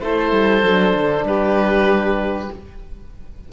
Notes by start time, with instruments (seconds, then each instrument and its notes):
0.00 cello A3, horn E4, violin A4, oboe C5
0.32 cello G3
0.63 cello F#3, horn D4
0.95 cello D3
1.24 cello G3, violin G4, oboe B4